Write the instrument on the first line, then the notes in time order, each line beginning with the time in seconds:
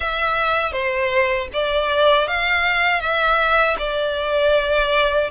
violin
0.00 E5
0.72 C5
1.53 D5
2.27 F5
3.00 E5
3.78 D5